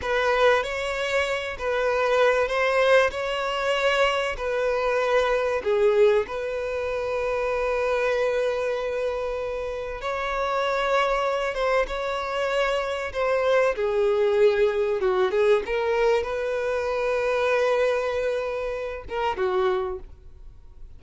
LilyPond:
\new Staff \with { instrumentName = "violin" } { \time 4/4 \tempo 4 = 96 b'4 cis''4. b'4. | c''4 cis''2 b'4~ | b'4 gis'4 b'2~ | b'1 |
cis''2~ cis''8 c''8 cis''4~ | cis''4 c''4 gis'2 | fis'8 gis'8 ais'4 b'2~ | b'2~ b'8 ais'8 fis'4 | }